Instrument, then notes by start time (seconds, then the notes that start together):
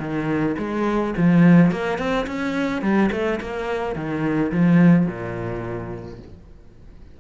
cello
0.00 D#3
0.58 G#3
1.18 F3
1.72 A#3
1.99 C4
2.27 C#4
2.82 G3
3.12 A3
3.41 A#3
3.96 D#3
4.52 F3
5.07 A#2